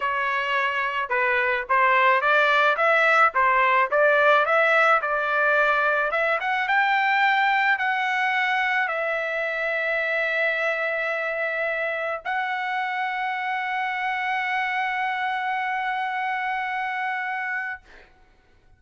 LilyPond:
\new Staff \with { instrumentName = "trumpet" } { \time 4/4 \tempo 4 = 108 cis''2 b'4 c''4 | d''4 e''4 c''4 d''4 | e''4 d''2 e''8 fis''8 | g''2 fis''2 |
e''1~ | e''2 fis''2~ | fis''1~ | fis''1 | }